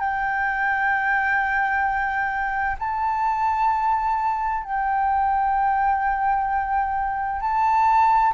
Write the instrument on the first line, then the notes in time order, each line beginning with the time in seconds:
flute
0.00 G5
2.80 A5
4.64 G5
7.41 A5